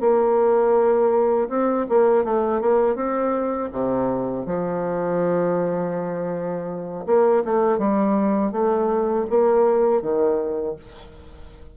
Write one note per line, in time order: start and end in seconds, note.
0.00 1.48 A#3
1.49 1.86 C4
1.89 2.24 A#3
2.24 2.61 A3
2.61 2.95 A#3
2.95 3.69 C4
3.72 4.46 C3
4.46 7.05 F3
7.06 7.43 A#3
7.44 7.78 A3
7.78 8.52 G3
8.52 9.25 A3
9.29 10.01 A#3
10.01 10.75 D#3